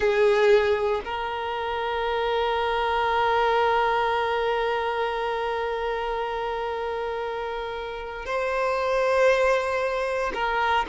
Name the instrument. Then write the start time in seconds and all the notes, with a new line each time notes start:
violin
0.00 G#4
1.04 A#4
8.25 C5
10.34 A#4